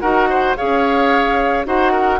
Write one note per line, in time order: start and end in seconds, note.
0.00 0.56 D#4
0.00 0.56 F#4
0.00 0.29 A#4
0.00 0.55 F#5
0.30 0.57 C5
0.56 1.66 C#4
0.56 1.65 G#4
0.56 1.66 C#5
0.56 1.65 F5
1.65 2.20 D#4
1.65 2.20 F#4
1.65 1.92 C5
1.65 2.20 F#5
1.92 2.19 A#4